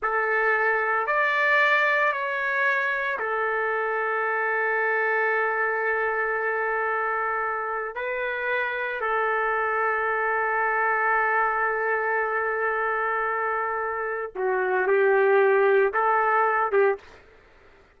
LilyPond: \new Staff \with { instrumentName = "trumpet" } { \time 4/4 \tempo 4 = 113 a'2 d''2 | cis''2 a'2~ | a'1~ | a'2. b'4~ |
b'4 a'2.~ | a'1~ | a'2. fis'4 | g'2 a'4. g'8 | }